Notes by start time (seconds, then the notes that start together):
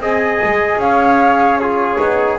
0.00 C4 G#4 D#5 G#5
0.43 G#3
0.77 C#4 C#5 F5
1.57 F4 G#4 C#5
1.98 B3 D#4